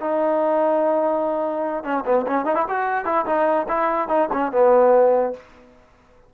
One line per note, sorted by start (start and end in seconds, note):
0.00 1.84 D#4
1.84 2.04 C#4
2.05 2.25 B3
2.27 2.45 C#4
2.45 2.55 D#4
2.55 2.65 E4
2.68 3.05 F#4
3.05 3.25 E4
3.26 3.66 D#4
3.68 4.08 E4
4.08 4.29 D#4
4.32 4.52 C#4
4.52 5.33 B3